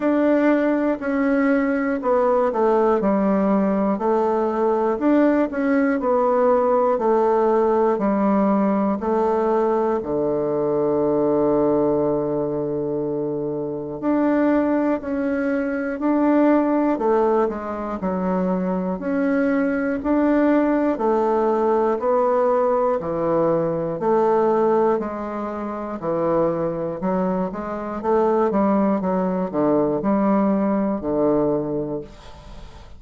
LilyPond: \new Staff \with { instrumentName = "bassoon" } { \time 4/4 \tempo 4 = 60 d'4 cis'4 b8 a8 g4 | a4 d'8 cis'8 b4 a4 | g4 a4 d2~ | d2 d'4 cis'4 |
d'4 a8 gis8 fis4 cis'4 | d'4 a4 b4 e4 | a4 gis4 e4 fis8 gis8 | a8 g8 fis8 d8 g4 d4 | }